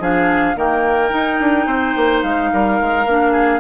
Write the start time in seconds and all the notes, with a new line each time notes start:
0.00 F3 D4 G#4 F5
0.56 D#3 A#3 A#4 G5
1.10 D#4
1.40 D4
1.67 C4 C5
1.96 A#3
2.23 G#3 F5
2.53 G3 A#4
2.81 G#3
3.06 A#3 D4
3.32 G#4